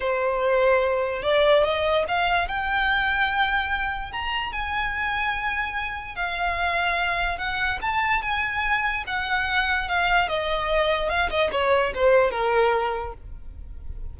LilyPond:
\new Staff \with { instrumentName = "violin" } { \time 4/4 \tempo 4 = 146 c''2. d''4 | dis''4 f''4 g''2~ | g''2 ais''4 gis''4~ | gis''2. f''4~ |
f''2 fis''4 a''4 | gis''2 fis''2 | f''4 dis''2 f''8 dis''8 | cis''4 c''4 ais'2 | }